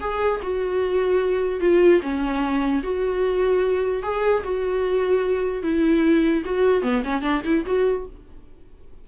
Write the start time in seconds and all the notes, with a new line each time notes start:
0.00 G#4
0.42 F#4
1.60 F4
2.02 C#4
2.83 F#4
4.02 G#4
4.43 F#4
5.62 E4
6.45 F#4
6.82 B3
7.04 C#4
7.22 D4
7.44 E4
7.65 F#4